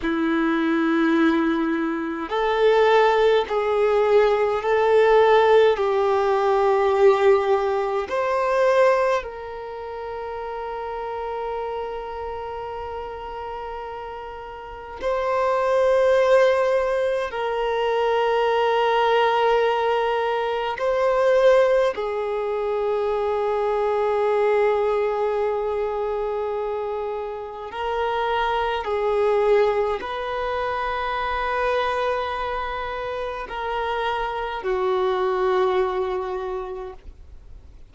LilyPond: \new Staff \with { instrumentName = "violin" } { \time 4/4 \tempo 4 = 52 e'2 a'4 gis'4 | a'4 g'2 c''4 | ais'1~ | ais'4 c''2 ais'4~ |
ais'2 c''4 gis'4~ | gis'1 | ais'4 gis'4 b'2~ | b'4 ais'4 fis'2 | }